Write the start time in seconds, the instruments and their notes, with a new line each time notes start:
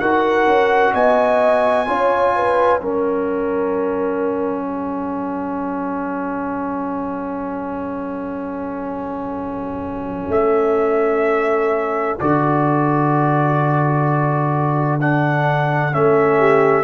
0.00 tuba D#4, trombone F#4, horn A#4, trumpet F#5
0.46 tuba C#4
0.93 tuba B3, horn D#5, trumpet G#5
1.87 tuba C#4, trombone F4, horn C#5
2.36 horn B4
2.80 tuba F#3, trombone C#4, horn A#4, trumpet F#5
4.66 horn A4
10.28 tuba A3, trumpet E5
12.20 tuba D3, trombone F#4, trumpet D5
15.00 trombone D4, trumpet F#5
15.92 tuba A3, trombone C#4, trumpet E5
16.39 horn G4